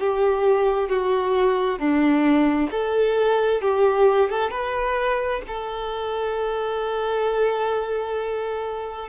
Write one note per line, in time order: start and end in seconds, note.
0.00 0.89 G4
0.89 1.79 F#4
1.79 2.70 D4
2.71 3.62 A4
3.62 4.29 G4
4.29 4.51 A4
4.51 5.42 B4
5.48 9.09 A4